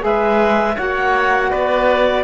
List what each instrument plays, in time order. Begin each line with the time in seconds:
0.00 cello G#3, saxophone G#4, oboe B4, clarinet E5
0.76 cello A#3, saxophone F#4, oboe C#5, clarinet F#5
1.50 cello B3, oboe B4, clarinet D5